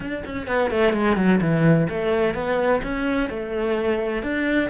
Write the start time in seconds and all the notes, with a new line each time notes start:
0.00 D4
0.25 C#4
0.47 B3
0.70 A3
0.93 G#3
1.16 F#3
1.40 E3
1.89 A3
2.34 B3
2.83 C#4
3.29 A3
4.22 D4